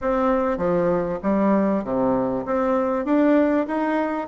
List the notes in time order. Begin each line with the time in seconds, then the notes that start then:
0.01 C4
0.57 F3
1.22 G3
1.83 C3
2.45 C4
3.05 D4
3.67 D#4